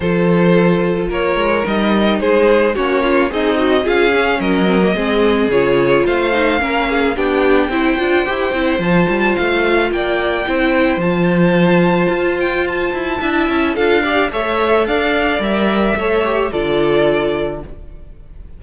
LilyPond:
<<
  \new Staff \with { instrumentName = "violin" } { \time 4/4 \tempo 4 = 109 c''2 cis''4 dis''4 | c''4 cis''4 dis''4 f''4 | dis''2 cis''4 f''4~ | f''4 g''2. |
a''4 f''4 g''2 | a''2~ a''8 g''8 a''4~ | a''4 f''4 e''4 f''4 | e''2 d''2 | }
  \new Staff \with { instrumentName = "violin" } { \time 4/4 a'2 ais'2 | gis'4 fis'8 f'8 dis'4 gis'4 | ais'4 gis'2 c''4 | ais'8 gis'8 g'4 c''2~ |
c''2 d''4 c''4~ | c''1 | e''4 a'8 d''8 cis''4 d''4~ | d''4 cis''4 a'2 | }
  \new Staff \with { instrumentName = "viola" } { \time 4/4 f'2. dis'4~ | dis'4 cis'4 gis'8 fis'8 f'8 cis'8~ | cis'8 c'16 ais16 c'4 f'4. dis'8 | cis'4 d'4 e'8 f'8 g'8 e'8 |
f'2. e'4 | f'1 | e'4 f'8 g'8 a'2 | ais'4 a'8 g'8 f'2 | }
  \new Staff \with { instrumentName = "cello" } { \time 4/4 f2 ais8 gis8 g4 | gis4 ais4 c'4 cis'4 | fis4 gis4 cis4 a4 | ais4 b4 c'8 d'8 e'8 c'8 |
f8 g8 a4 ais4 c'4 | f2 f'4. e'8 | d'8 cis'8 d'4 a4 d'4 | g4 a4 d2 | }
>>